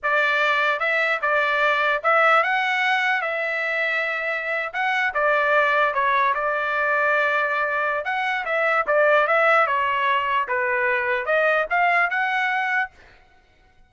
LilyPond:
\new Staff \with { instrumentName = "trumpet" } { \time 4/4 \tempo 4 = 149 d''2 e''4 d''4~ | d''4 e''4 fis''2 | e''2.~ e''8. fis''16~ | fis''8. d''2 cis''4 d''16~ |
d''1 | fis''4 e''4 d''4 e''4 | cis''2 b'2 | dis''4 f''4 fis''2 | }